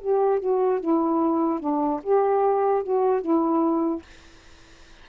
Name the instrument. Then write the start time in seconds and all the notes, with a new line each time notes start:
saxophone
0.00 G4
0.39 F#4
0.80 E4
1.59 D4
2.02 G4
2.83 F#4
3.21 E4